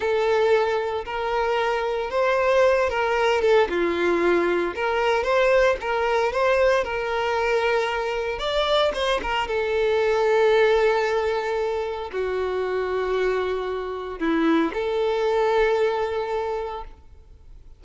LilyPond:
\new Staff \with { instrumentName = "violin" } { \time 4/4 \tempo 4 = 114 a'2 ais'2 | c''4. ais'4 a'8 f'4~ | f'4 ais'4 c''4 ais'4 | c''4 ais'2. |
d''4 c''8 ais'8 a'2~ | a'2. fis'4~ | fis'2. e'4 | a'1 | }